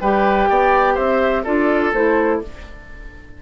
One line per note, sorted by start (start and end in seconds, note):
0.00 0.49 G3
0.00 1.45 G4
0.00 0.49 B4
0.00 0.96 G5
0.49 0.97 B3
0.49 0.94 D5
0.94 1.46 C4
0.94 1.42 C5
0.94 1.44 E5
1.44 1.93 D4
1.44 1.93 F4
1.44 2.40 A4
1.44 1.92 D5
1.93 2.41 A3
1.93 2.42 E4
1.93 2.42 C5